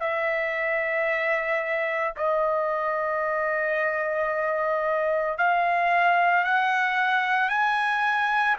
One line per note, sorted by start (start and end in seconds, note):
0.00 2.14 E5
2.16 5.38 D#5
5.38 6.44 F5
6.44 7.49 F#5
7.49 8.56 G#5